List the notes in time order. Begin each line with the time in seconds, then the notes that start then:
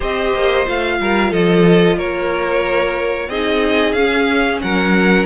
0.00 C4 G4 C5 D#5
0.33 A#3
0.65 A3 F4 F5
1.00 G3 A#4
1.30 F3 A4 D#5
1.96 A#3 A#4 C#5
3.27 C4 D#4 G#4 D#5
3.92 C#4 F5
4.61 F#3 A#4 F#5